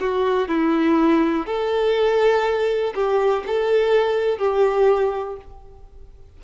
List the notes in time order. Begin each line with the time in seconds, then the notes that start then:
0.00 F#4
0.48 E4
1.46 A4
2.94 G4
3.46 A4
4.38 G4